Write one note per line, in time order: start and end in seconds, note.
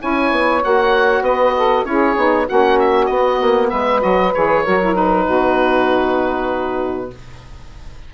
0.00 0.32 C#4
0.00 0.62 E4
0.00 1.23 C#5
0.00 0.64 G#5
0.32 0.63 B3
0.62 1.22 A#3
0.62 1.85 F#4
0.62 1.24 F#5
1.22 1.84 B3
1.22 1.54 B4
1.22 1.86 D#5
1.57 1.88 A4
1.85 2.16 C#4
1.85 2.16 E4
1.85 2.46 G#4
1.85 2.48 C#5
2.17 2.48 B3
2.17 2.48 D#4
2.46 3.10 A#3
2.46 3.10 C#4
2.46 3.70 F#4
2.46 2.80 F#5
2.80 3.06 E5
3.06 3.41 B3
3.06 3.68 D#5
3.12 4.01 B3
3.41 3.72 A#3
3.70 4.04 G#3
3.70 4.62 B4
3.70 4.01 E5
4.01 4.35 F#3
4.01 4.32 F#4
4.01 4.34 D#5
4.34 4.67 E3
4.34 4.65 G#4
4.34 4.96 C#5
4.64 5.28 F#3
4.64 4.80 F#4
4.64 5.25 A#4
4.82 4.94 E4
4.94 7.10 D#4
4.94 7.12 B4
5.25 7.14 B2
5.25 7.11 F#4